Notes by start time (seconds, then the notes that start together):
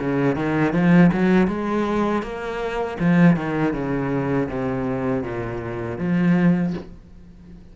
0.00 C#3
0.36 D#3
0.73 F3
1.13 F#3
1.48 G#3
2.23 A#3
3.00 F3
3.36 D#3
3.74 C#3
4.49 C3
5.24 A#2
5.99 F3